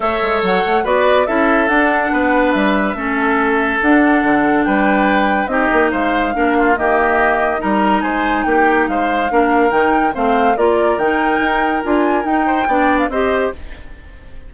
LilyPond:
<<
  \new Staff \with { instrumentName = "flute" } { \time 4/4 \tempo 4 = 142 e''4 fis''4 d''4 e''4 | fis''2 e''2~ | e''4 fis''2 g''4~ | g''4 dis''4 f''2 |
dis''2 ais''4 gis''4 | g''4 f''2 g''4 | f''4 d''4 g''2 | gis''4 g''4.~ g''16 f''16 dis''4 | }
  \new Staff \with { instrumentName = "oboe" } { \time 4/4 cis''2 b'4 a'4~ | a'4 b'2 a'4~ | a'2. b'4~ | b'4 g'4 c''4 ais'8 f'8 |
g'2 ais'4 c''4 | g'4 c''4 ais'2 | c''4 ais'2.~ | ais'4. c''8 d''4 c''4 | }
  \new Staff \with { instrumentName = "clarinet" } { \time 4/4 a'2 fis'4 e'4 | d'2. cis'4~ | cis'4 d'2.~ | d'4 dis'2 d'4 |
ais2 dis'2~ | dis'2 d'4 dis'4 | c'4 f'4 dis'2 | f'4 dis'4 d'4 g'4 | }
  \new Staff \with { instrumentName = "bassoon" } { \time 4/4 a8 gis8 fis8 a8 b4 cis'4 | d'4 b4 g4 a4~ | a4 d'4 d4 g4~ | g4 c'8 ais8 gis4 ais4 |
dis2 g4 gis4 | ais4 gis4 ais4 dis4 | a4 ais4 dis4 dis'4 | d'4 dis'4 b4 c'4 | }
>>